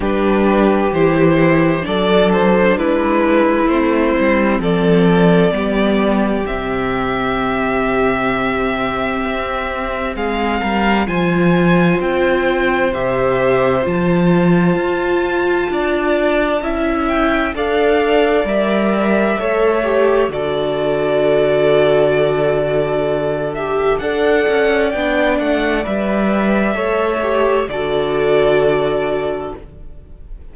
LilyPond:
<<
  \new Staff \with { instrumentName = "violin" } { \time 4/4 \tempo 4 = 65 b'4 c''4 d''8 c''8 b'4 | c''4 d''2 e''4~ | e''2. f''4 | gis''4 g''4 e''4 a''4~ |
a''2~ a''8 g''8 f''4 | e''2 d''2~ | d''4. e''8 fis''4 g''8 fis''8 | e''2 d''2 | }
  \new Staff \with { instrumentName = "violin" } { \time 4/4 g'2 a'4 e'4~ | e'4 a'4 g'2~ | g'2. gis'8 ais'8 | c''1~ |
c''4 d''4 e''4 d''4~ | d''4 cis''4 a'2~ | a'2 d''2~ | d''4 cis''4 a'2 | }
  \new Staff \with { instrumentName = "viola" } { \time 4/4 d'4 e'4 d'2 | c'2 b4 c'4~ | c'1 | f'2 g'4 f'4~ |
f'2 e'4 a'4 | ais'4 a'8 g'8 fis'2~ | fis'4. g'8 a'4 d'4 | b'4 a'8 g'8 fis'2 | }
  \new Staff \with { instrumentName = "cello" } { \time 4/4 g4 e4 fis4 gis4 | a8 g8 f4 g4 c4~ | c2 c'4 gis8 g8 | f4 c'4 c4 f4 |
f'4 d'4 cis'4 d'4 | g4 a4 d2~ | d2 d'8 cis'8 b8 a8 | g4 a4 d2 | }
>>